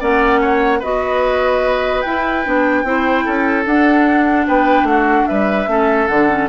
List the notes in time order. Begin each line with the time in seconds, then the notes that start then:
0.00 A#3 C#4 D5 F#5
0.41 C#5
0.79 B3 F#4 B4 D#5
2.01 E4 G5
2.45 B3 D4
2.83 C4 E4 C5
3.25 C#4 A4
3.66 D4 F#5
4.47 B3 B4 G5
4.83 A3 F#5
4.89 F#4
5.27 G3 B4 E5
5.67 A3 C#4 A4
6.07 D3 D4 F#5
6.29 C#4